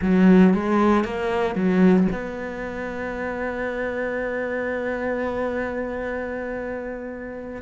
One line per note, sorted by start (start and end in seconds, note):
0.01 0.53 F#3
0.53 1.04 G#3
1.04 1.55 A#3
1.55 2.07 F#3
2.11 7.61 B3